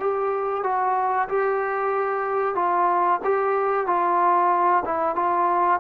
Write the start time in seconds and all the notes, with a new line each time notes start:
0.00 G4
0.64 F#4
1.29 G4
2.55 F4
3.24 G4
3.87 F4
4.85 E4
5.16 F4